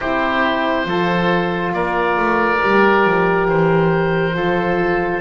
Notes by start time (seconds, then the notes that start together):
0.00 C4 E4 G4 C5
0.85 F3 F4 A4
1.73 A#3 A#4 D5
2.16 A3
2.61 G3 G4
3.05 F3
3.48 E3 C5
4.34 F3 F4 A4